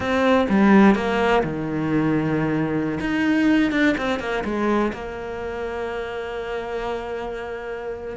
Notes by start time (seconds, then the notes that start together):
0.00 C4
0.49 G3
0.95 A#3
1.43 D#3
3.00 D#4
3.71 D4
3.97 C4
4.19 A#3
4.44 G#3
4.93 A#3